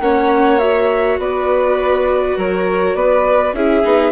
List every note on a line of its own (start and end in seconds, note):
0.00 1.18 A#3
0.00 0.59 C#4
0.00 1.19 C#5
0.00 0.58 F#5
0.58 3.53 F#4
0.58 1.17 E5
1.18 2.35 B3
1.18 2.37 B4
1.18 2.37 D5
2.36 2.94 F#3
2.36 2.96 A#4
2.36 2.94 C#5
2.94 3.53 B3
2.94 3.55 B4
2.94 3.53 D5
3.53 3.82 C#4
3.53 3.83 E4
3.53 4.12 G#4
3.53 4.12 E5
3.83 4.12 B3
3.83 4.12 D#4